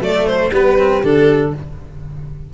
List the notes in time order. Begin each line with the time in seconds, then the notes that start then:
0.00 F#3 A3 D5
0.06 A4
0.27 C5
0.51 G3 B3 G4 B4
0.79 C4
1.03 D3 D4 A4